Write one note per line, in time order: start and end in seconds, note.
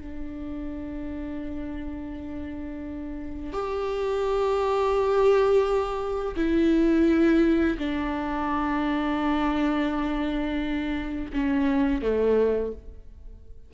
0.00 3.52 D4
3.52 6.35 G4
6.36 7.77 E4
7.78 11.31 D4
11.33 12.01 C#4
12.01 12.72 A3